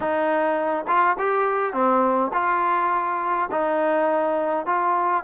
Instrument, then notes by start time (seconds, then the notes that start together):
trombone
0.00 D#4
0.87 F4
1.18 G4
1.73 C4
2.33 F4
3.51 D#4
4.66 F4